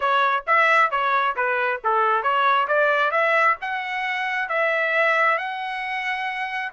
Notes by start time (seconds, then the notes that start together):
0.00 C#5
0.46 E5
0.91 C#5
1.36 B4
1.84 A4
2.22 C#5
2.67 D5
3.11 E5
3.61 F#5
4.48 E5
5.38 F#5